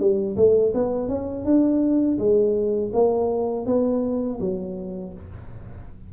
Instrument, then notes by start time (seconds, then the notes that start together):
tuba
0.00 G3
0.37 A3
0.74 B3
1.09 C#4
1.45 D4
2.19 G#3
2.93 A#3
3.66 B3
4.40 F#3